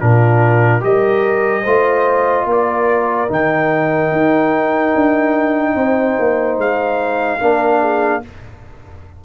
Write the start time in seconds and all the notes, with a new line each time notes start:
0.00 A#2 D4 F4 A#4
0.80 G3 G4 A#4 D#5
1.62 A3 F4 C5
2.45 A#3 A#4 D5
3.28 D#3 D#4 G5
4.11 D#4
4.95 D4
5.75 C4 C5
6.19 A#3
6.57 G#3 F5
7.40 A#3 D4 A#4
7.80 G#4